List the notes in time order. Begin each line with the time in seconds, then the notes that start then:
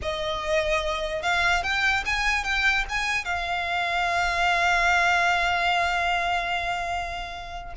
0.02 D#5
1.22 F5
1.63 G5
2.05 G#5
2.44 G5
2.89 G#5
3.24 F5